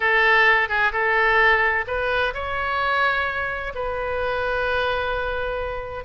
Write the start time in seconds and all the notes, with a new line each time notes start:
0.00 A4
0.68 G#4
0.92 A4
1.87 B4
2.33 C#5
3.74 B4